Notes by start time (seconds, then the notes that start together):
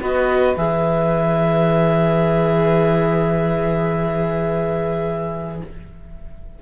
0.00 B3 F#4 B4 D#5
0.56 E3 G#4 E5